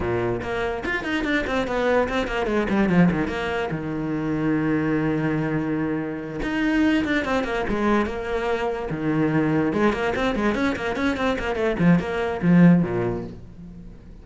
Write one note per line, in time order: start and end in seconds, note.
0.00 0.41 A#2
0.42 0.83 A#3
0.85 1.03 F4
1.03 1.24 D#4
1.24 1.44 D4
1.46 1.67 C4
1.67 2.08 B3
2.08 2.27 C4
2.27 2.46 A#3
2.46 2.67 G#3
2.69 2.89 G3
2.89 3.09 F3
3.11 3.27 D#3
3.27 3.69 A#3
3.71 6.40 D#3
6.42 7.04 D#4
7.04 7.25 D4
7.25 7.44 C4
7.44 7.65 A#3
7.69 8.06 G#3
8.06 8.88 A#3
8.90 9.73 D#3
9.73 9.93 G#3
9.93 10.13 A#3
10.15 10.35 C4
10.35 10.54 G#3
10.54 10.75 C#4
10.76 10.96 A#3
10.96 11.16 C#4
11.16 11.37 C4
11.38 11.55 A#3
11.55 11.76 A3
11.79 11.99 F3
11.99 12.40 A#3
12.42 12.82 F3
12.82 13.24 A#2